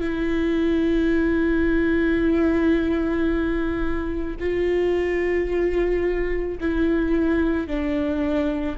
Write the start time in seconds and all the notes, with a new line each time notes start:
0.00 E4
4.39 F4
6.60 E4
7.67 D4